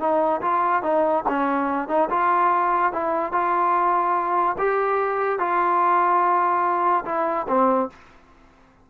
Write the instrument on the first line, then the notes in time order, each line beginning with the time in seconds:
trombone
0.00 D#4
0.42 F4
0.83 D#4
1.29 C#4
1.89 D#4
2.10 F4
2.93 E4
3.33 F4
4.59 G4
5.39 F4
7.06 E4
7.49 C4